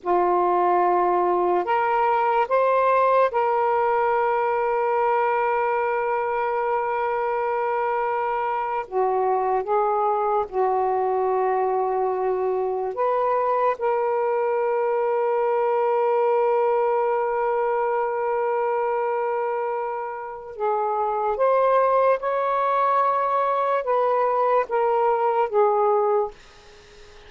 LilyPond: \new Staff \with { instrumentName = "saxophone" } { \time 4/4 \tempo 4 = 73 f'2 ais'4 c''4 | ais'1~ | ais'2~ ais'8. fis'4 gis'16~ | gis'8. fis'2. b'16~ |
b'8. ais'2.~ ais'16~ | ais'1~ | ais'4 gis'4 c''4 cis''4~ | cis''4 b'4 ais'4 gis'4 | }